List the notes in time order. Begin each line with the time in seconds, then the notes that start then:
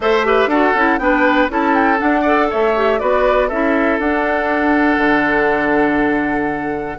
0.00 A3 A4 C5 E5
0.24 G4 B4
0.47 D4 F#4 A4 F#5
0.74 C#4 E4
0.98 B3 D4 B4 G5
1.49 C#4 E4 A4 A5
1.74 G5
1.97 D4 F#5
2.21 A4 D5
2.50 A3 C#5 E5
2.76 G4
2.98 B3 F#4 B4 D5
3.48 C#4 E4 A4 E5
3.99 D4 F#5
4.97 D3